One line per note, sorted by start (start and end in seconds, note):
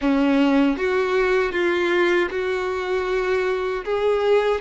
0.01 0.77 C#4
0.77 1.51 F#4
1.51 2.28 F4
2.30 3.84 F#4
3.85 4.60 G#4